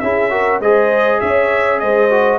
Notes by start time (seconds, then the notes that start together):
0.00 C#4 E4 G#4 E5
0.30 F#4 A#4
0.60 G#3 G#4 C5 D#5
1.21 C#4 C#5 E5
1.80 G#3 C5 D#5
2.10 F#4